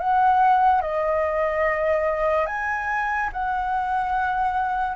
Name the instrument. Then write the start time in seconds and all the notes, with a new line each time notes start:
flute
0.00 F#5
0.81 D#5
2.46 G#5
3.33 F#5